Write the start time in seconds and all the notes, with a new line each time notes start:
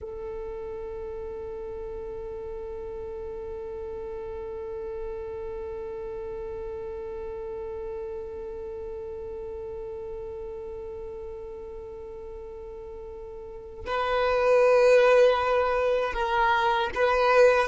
0.01 A4
13.86 B4
16.13 A#4
16.94 B4